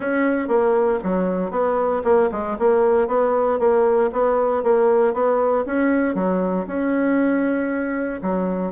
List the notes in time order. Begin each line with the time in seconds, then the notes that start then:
0.00 C#4
0.48 A#3
1.03 F#3
1.51 B3
2.04 A#3
2.31 G#3
2.59 A#3
3.07 B3
3.59 A#3
4.12 B3
4.63 A#3
5.13 B3
5.65 C#4
6.14 F#3
6.67 C#4
8.22 F#3